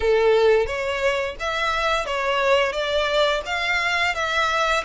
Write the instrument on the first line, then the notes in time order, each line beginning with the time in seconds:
violin
0.00 A4
0.66 C#5
1.39 E5
2.05 C#5
2.72 D5
3.45 F5
4.14 E5